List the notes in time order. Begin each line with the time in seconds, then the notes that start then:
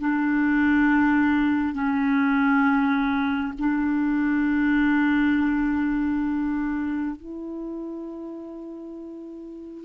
0.00 D4
1.75 C#4
3.59 D4
7.16 E4